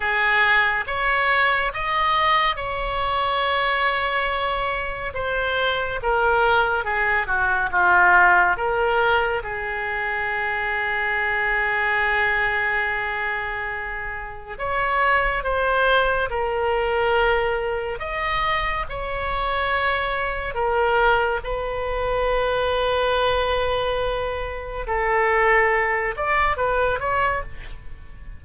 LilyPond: \new Staff \with { instrumentName = "oboe" } { \time 4/4 \tempo 4 = 70 gis'4 cis''4 dis''4 cis''4~ | cis''2 c''4 ais'4 | gis'8 fis'8 f'4 ais'4 gis'4~ | gis'1~ |
gis'4 cis''4 c''4 ais'4~ | ais'4 dis''4 cis''2 | ais'4 b'2.~ | b'4 a'4. d''8 b'8 cis''8 | }